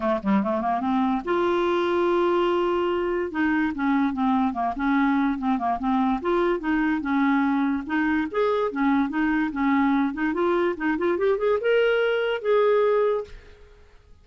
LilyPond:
\new Staff \with { instrumentName = "clarinet" } { \time 4/4 \tempo 4 = 145 a8 g8 a8 ais8 c'4 f'4~ | f'1 | dis'4 cis'4 c'4 ais8 cis'8~ | cis'4 c'8 ais8 c'4 f'4 |
dis'4 cis'2 dis'4 | gis'4 cis'4 dis'4 cis'4~ | cis'8 dis'8 f'4 dis'8 f'8 g'8 gis'8 | ais'2 gis'2 | }